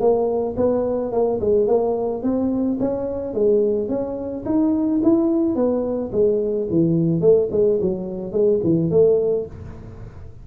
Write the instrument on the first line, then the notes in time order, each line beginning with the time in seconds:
tuba
0.00 A#3
0.57 B3
1.12 A#3
1.41 G#3
1.67 A#3
2.22 C4
2.80 C#4
3.34 G#3
3.89 C#4
4.45 D#4
5.03 E4
5.55 B3
6.12 G#3
6.70 E3
7.21 A3
7.52 G#3
7.81 F#3
8.32 G#3
8.63 E3
8.91 A3